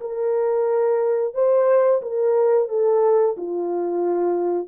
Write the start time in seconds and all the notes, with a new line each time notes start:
0.00 A#4
1.34 C5
2.02 A#4
2.68 A4
3.37 F4